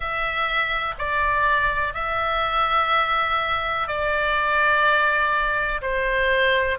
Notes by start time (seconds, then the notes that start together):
0.00 E5
0.98 D5
1.94 E5
3.87 D5
5.81 C5